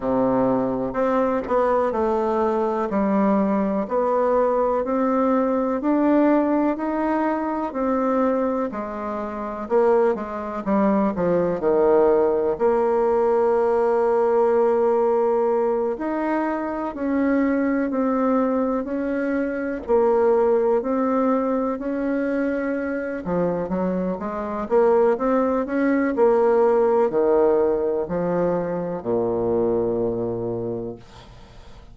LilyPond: \new Staff \with { instrumentName = "bassoon" } { \time 4/4 \tempo 4 = 62 c4 c'8 b8 a4 g4 | b4 c'4 d'4 dis'4 | c'4 gis4 ais8 gis8 g8 f8 | dis4 ais2.~ |
ais8 dis'4 cis'4 c'4 cis'8~ | cis'8 ais4 c'4 cis'4. | f8 fis8 gis8 ais8 c'8 cis'8 ais4 | dis4 f4 ais,2 | }